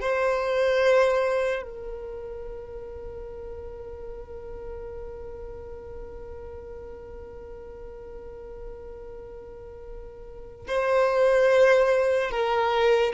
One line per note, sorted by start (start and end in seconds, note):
0.00 1.62 C5
1.62 10.66 A#4
10.67 12.30 C5
12.30 13.12 A#4